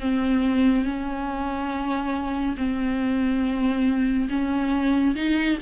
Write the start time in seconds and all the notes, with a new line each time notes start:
0.00 C4
0.84 C#4
2.57 C4
4.29 C#4
5.15 D#4